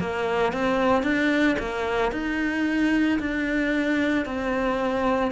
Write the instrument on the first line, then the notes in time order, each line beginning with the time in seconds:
cello
0.00 A#3
0.52 C4
1.03 D4
1.59 A#3
2.12 D#4
3.19 D4
4.25 C4